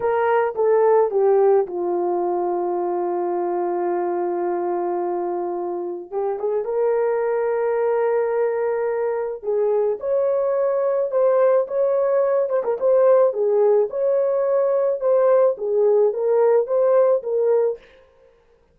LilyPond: \new Staff \with { instrumentName = "horn" } { \time 4/4 \tempo 4 = 108 ais'4 a'4 g'4 f'4~ | f'1~ | f'2. g'8 gis'8 | ais'1~ |
ais'4 gis'4 cis''2 | c''4 cis''4. c''16 ais'16 c''4 | gis'4 cis''2 c''4 | gis'4 ais'4 c''4 ais'4 | }